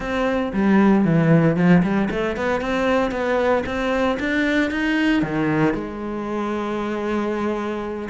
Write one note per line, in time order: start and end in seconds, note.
0.00 0.52 C4
0.53 1.04 G3
1.04 1.56 E3
1.56 1.82 F3
1.83 2.09 G3
2.10 2.36 A3
2.36 2.61 B3
2.61 3.11 C4
3.11 3.63 B3
3.65 4.18 C4
4.19 4.71 D4
4.71 5.22 D#4
5.22 5.74 D#3
5.74 8.08 G#3